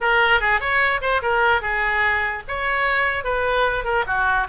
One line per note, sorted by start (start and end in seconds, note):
0.01 0.40 A#4
0.40 0.60 G#4
0.60 1.00 C#5
1.01 1.21 C5
1.21 1.61 A#4
1.61 2.42 G#4
2.47 3.24 C#5
3.24 3.84 B4
3.84 4.04 A#4
4.07 4.47 F#4